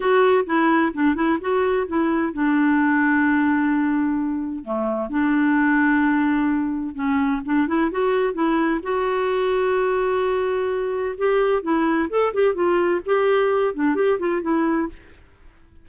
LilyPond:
\new Staff \with { instrumentName = "clarinet" } { \time 4/4 \tempo 4 = 129 fis'4 e'4 d'8 e'8 fis'4 | e'4 d'2.~ | d'2 a4 d'4~ | d'2. cis'4 |
d'8 e'8 fis'4 e'4 fis'4~ | fis'1 | g'4 e'4 a'8 g'8 f'4 | g'4. d'8 g'8 f'8 e'4 | }